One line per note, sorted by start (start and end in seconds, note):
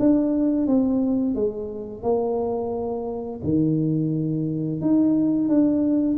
0.00 0.68 D4
0.68 1.35 C4
1.35 2.03 G#3
2.03 3.41 A#3
3.44 4.82 D#3
4.82 5.49 D#4
5.49 6.18 D4